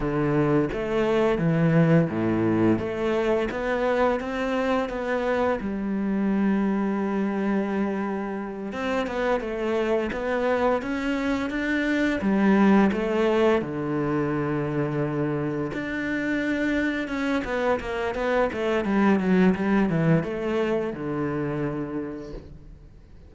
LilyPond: \new Staff \with { instrumentName = "cello" } { \time 4/4 \tempo 4 = 86 d4 a4 e4 a,4 | a4 b4 c'4 b4 | g1~ | g8 c'8 b8 a4 b4 cis'8~ |
cis'8 d'4 g4 a4 d8~ | d2~ d8 d'4.~ | d'8 cis'8 b8 ais8 b8 a8 g8 fis8 | g8 e8 a4 d2 | }